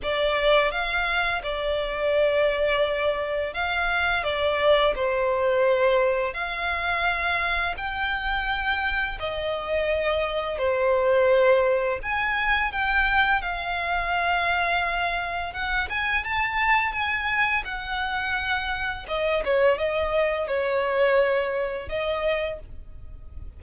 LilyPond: \new Staff \with { instrumentName = "violin" } { \time 4/4 \tempo 4 = 85 d''4 f''4 d''2~ | d''4 f''4 d''4 c''4~ | c''4 f''2 g''4~ | g''4 dis''2 c''4~ |
c''4 gis''4 g''4 f''4~ | f''2 fis''8 gis''8 a''4 | gis''4 fis''2 dis''8 cis''8 | dis''4 cis''2 dis''4 | }